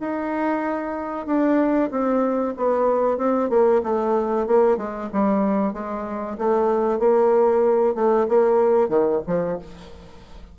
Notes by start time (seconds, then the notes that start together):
0.00 D#4
1.26 D4
1.91 C4
2.56 B3
3.17 C4
3.49 A#3
3.83 A3
4.47 A#3
4.77 G#3
5.13 G3
5.73 G#3
6.38 A3
6.99 A#3
7.95 A3
8.28 A#3
8.89 D#3
9.27 F3